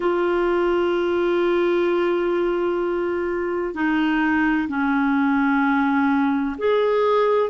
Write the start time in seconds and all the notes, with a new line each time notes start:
0.00 F4
3.74 D#4
4.68 C#4
6.58 G#4